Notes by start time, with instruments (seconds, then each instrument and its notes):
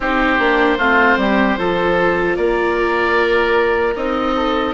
0.00 bassoon C4, viola D#4, oboe G4 C5
0.39 bassoon A#3, viola D4
0.78 bassoon A3, viola C4, oboe F4
1.17 bassoon G3, oboe G4
1.58 bassoon F3, viola F4, oboe A4
2.36 bassoon A#3, oboe A#4 D5
3.95 bassoon C4, viola D#4, oboe D#5
4.35 oboe A4